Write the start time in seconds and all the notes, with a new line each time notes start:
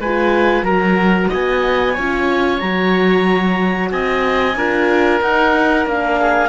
0.00 G#3 F4 B4 G#5
0.63 F#3 F#4 A#4 A#5
1.29 B3 D#5 G#5
1.94 C#4 F4 C#5
2.60 F#3 F#4 A#5
3.91 C4 D#5 G#5
4.56 D4 F4 A#4
5.21 D#4 F#5
5.86 A#3 D4 F5
6.21 G#4